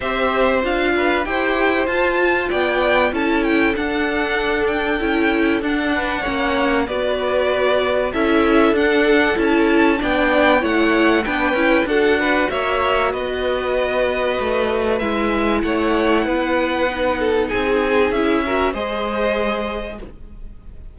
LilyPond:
<<
  \new Staff \with { instrumentName = "violin" } { \time 4/4 \tempo 4 = 96 e''4 f''4 g''4 a''4 | g''4 a''8 g''8 fis''4. g''8~ | g''4 fis''2 d''4~ | d''4 e''4 fis''4 a''4 |
g''4 fis''4 g''4 fis''4 | e''4 dis''2. | e''4 fis''2. | gis''4 e''4 dis''2 | }
  \new Staff \with { instrumentName = "violin" } { \time 4/4 c''4. b'8 c''2 | d''4 a'2.~ | a'4. b'8 cis''4 b'4~ | b'4 a'2. |
d''4 cis''4 b'4 a'8 b'8 | cis''4 b'2.~ | b'4 cis''4 b'4. a'8 | gis'4. ais'8 c''2 | }
  \new Staff \with { instrumentName = "viola" } { \time 4/4 g'4 f'4 g'4 f'4~ | f'4 e'4 d'2 | e'4 d'4 cis'4 fis'4~ | fis'4 e'4 d'4 e'4 |
d'4 e'4 d'8 e'8 fis'4~ | fis'1 | e'2. dis'4~ | dis'4 e'8 fis'8 gis'2 | }
  \new Staff \with { instrumentName = "cello" } { \time 4/4 c'4 d'4 e'4 f'4 | b4 cis'4 d'2 | cis'4 d'4 ais4 b4~ | b4 cis'4 d'4 cis'4 |
b4 a4 b8 cis'8 d'4 | ais4 b2 a4 | gis4 a4 b2 | c'4 cis'4 gis2 | }
>>